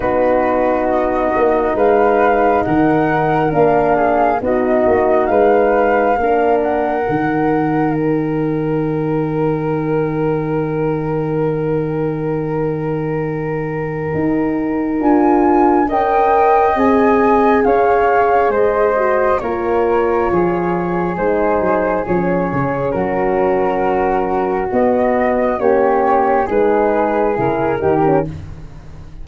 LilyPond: <<
  \new Staff \with { instrumentName = "flute" } { \time 4/4 \tempo 4 = 68 b'4 dis''4 f''4 fis''4 | f''4 dis''4 f''4. fis''8~ | fis''4 g''2.~ | g''1~ |
g''4 gis''4 g''4 gis''4 | f''4 dis''4 cis''2 | c''4 cis''4 ais'2 | dis''4 cis''4 b'4 ais'4 | }
  \new Staff \with { instrumentName = "flute" } { \time 4/4 fis'2 b'4 ais'4~ | ais'8 gis'8 fis'4 b'4 ais'4~ | ais'1~ | ais'1~ |
ais'2 dis''2 | cis''4 c''4 ais'4 gis'4~ | gis'2 fis'2~ | fis'4 g'4 gis'4. g'8 | }
  \new Staff \with { instrumentName = "horn" } { \time 4/4 dis'1 | d'4 dis'2 d'4 | dis'1~ | dis'1~ |
dis'4 f'4 ais'4 gis'4~ | gis'4. fis'8 f'2 | dis'4 cis'2. | b4 cis'4 dis'4 e'8 dis'16 cis'16 | }
  \new Staff \with { instrumentName = "tuba" } { \time 4/4 b4. ais8 gis4 dis4 | ais4 b8 ais8 gis4 ais4 | dis1~ | dis1 |
dis'4 d'4 cis'4 c'4 | cis'4 gis4 ais4 f4 | gis8 fis8 f8 cis8 fis2 | b4 ais4 gis4 cis8 dis8 | }
>>